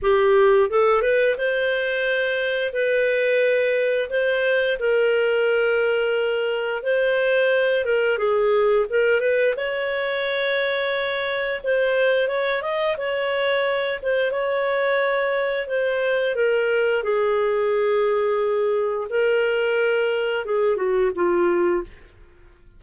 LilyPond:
\new Staff \with { instrumentName = "clarinet" } { \time 4/4 \tempo 4 = 88 g'4 a'8 b'8 c''2 | b'2 c''4 ais'4~ | ais'2 c''4. ais'8 | gis'4 ais'8 b'8 cis''2~ |
cis''4 c''4 cis''8 dis''8 cis''4~ | cis''8 c''8 cis''2 c''4 | ais'4 gis'2. | ais'2 gis'8 fis'8 f'4 | }